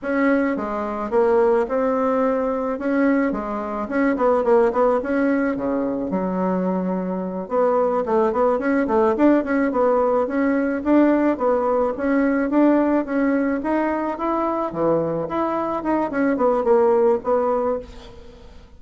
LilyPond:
\new Staff \with { instrumentName = "bassoon" } { \time 4/4 \tempo 4 = 108 cis'4 gis4 ais4 c'4~ | c'4 cis'4 gis4 cis'8 b8 | ais8 b8 cis'4 cis4 fis4~ | fis4. b4 a8 b8 cis'8 |
a8 d'8 cis'8 b4 cis'4 d'8~ | d'8 b4 cis'4 d'4 cis'8~ | cis'8 dis'4 e'4 e4 e'8~ | e'8 dis'8 cis'8 b8 ais4 b4 | }